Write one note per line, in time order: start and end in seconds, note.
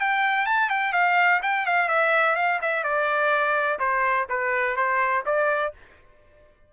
0.00 0.46 G5
0.46 0.69 A5
0.69 0.93 G5
0.93 1.40 F5
1.42 1.66 G5
1.66 1.89 F5
1.89 2.36 E5
2.36 2.60 F5
2.62 2.84 E5
2.84 3.79 D5
3.79 4.27 C5
4.29 4.76 B4
4.76 5.24 C5
5.26 5.73 D5